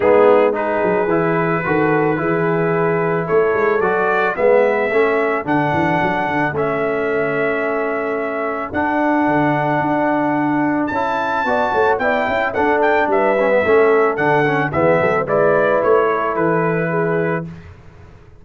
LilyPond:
<<
  \new Staff \with { instrumentName = "trumpet" } { \time 4/4 \tempo 4 = 110 gis'4 b'2.~ | b'2 cis''4 d''4 | e''2 fis''2 | e''1 |
fis''1 | a''2 g''4 fis''8 g''8 | e''2 fis''4 e''4 | d''4 cis''4 b'2 | }
  \new Staff \with { instrumentName = "horn" } { \time 4/4 dis'4 gis'2 a'4 | gis'2 a'2 | b'4 a'2.~ | a'1~ |
a'1~ | a'4 d''8 cis''8 d''8 e''8 a'4 | b'4 a'2 gis'8 a'8 | b'4. a'4. gis'4 | }
  \new Staff \with { instrumentName = "trombone" } { \time 4/4 b4 dis'4 e'4 fis'4 | e'2. fis'4 | b4 cis'4 d'2 | cis'1 |
d'1 | e'4 fis'4 e'4 d'4~ | d'8 cis'16 b16 cis'4 d'8 cis'8 b4 | e'1 | }
  \new Staff \with { instrumentName = "tuba" } { \time 4/4 gis4. fis8 e4 dis4 | e2 a8 gis8 fis4 | gis4 a4 d8 e8 fis8 d8 | a1 |
d'4 d4 d'2 | cis'4 b8 a8 b8 cis'8 d'4 | g4 a4 d4 e8 fis8 | gis4 a4 e2 | }
>>